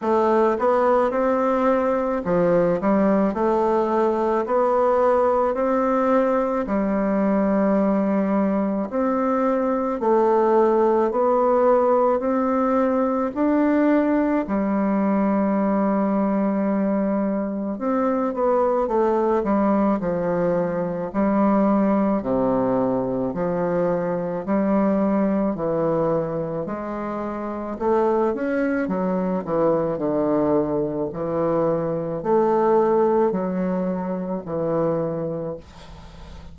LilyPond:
\new Staff \with { instrumentName = "bassoon" } { \time 4/4 \tempo 4 = 54 a8 b8 c'4 f8 g8 a4 | b4 c'4 g2 | c'4 a4 b4 c'4 | d'4 g2. |
c'8 b8 a8 g8 f4 g4 | c4 f4 g4 e4 | gis4 a8 cis'8 fis8 e8 d4 | e4 a4 fis4 e4 | }